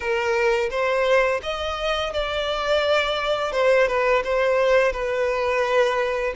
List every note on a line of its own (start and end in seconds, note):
0.00 0.69 A#4
0.70 1.41 C5
1.42 2.13 D#5
2.13 3.52 D5
3.52 3.87 C5
3.87 4.23 B4
4.24 4.92 C5
4.92 6.33 B4